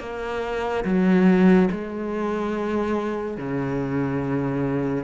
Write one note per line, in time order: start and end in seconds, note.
0.00 0.85 A#3
0.85 1.70 F#3
1.72 3.38 G#3
3.38 5.05 C#3